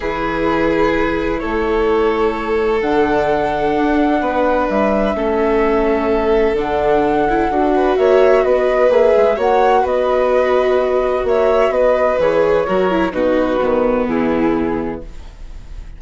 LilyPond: <<
  \new Staff \with { instrumentName = "flute" } { \time 4/4 \tempo 4 = 128 b'2. cis''4~ | cis''2 fis''2~ | fis''2 e''2~ | e''2 fis''2~ |
fis''4 e''4 dis''4 e''4 | fis''4 dis''2. | e''4 dis''4 cis''2 | b'2 gis'2 | }
  \new Staff \with { instrumentName = "violin" } { \time 4/4 gis'2. a'4~ | a'1~ | a'4 b'2 a'4~ | a'1~ |
a'8 b'8 cis''4 b'2 | cis''4 b'2. | cis''4 b'2 ais'4 | fis'2 e'2 | }
  \new Staff \with { instrumentName = "viola" } { \time 4/4 e'1~ | e'2 d'2~ | d'2. cis'4~ | cis'2 d'4. e'8 |
fis'2. gis'4 | fis'1~ | fis'2 gis'4 fis'8 e'8 | dis'4 b2. | }
  \new Staff \with { instrumentName = "bassoon" } { \time 4/4 e2. a4~ | a2 d2 | d'4 b4 g4 a4~ | a2 d2 |
d'4 ais4 b4 ais8 gis8 | ais4 b2. | ais4 b4 e4 fis4 | b,4 dis4 e2 | }
>>